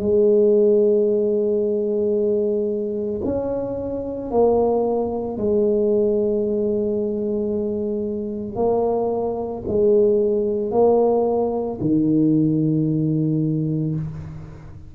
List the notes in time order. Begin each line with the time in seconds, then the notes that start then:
0.00 G#3
3.25 C#4
4.31 A#3
5.38 G#3
8.56 A#3
9.68 G#3
10.72 A#3
11.81 D#3